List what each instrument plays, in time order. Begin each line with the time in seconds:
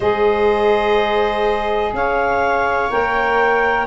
0.00 tuba G#3, saxophone G#4, viola C5, clarinet D#5
1.93 tuba C#4, viola C#5, clarinet F5
2.89 tuba A#3, saxophone A#4, clarinet G5